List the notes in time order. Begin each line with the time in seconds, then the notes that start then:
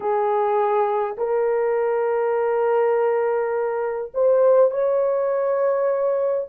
0.00 G#4
1.17 A#4
4.13 C5
4.71 C#5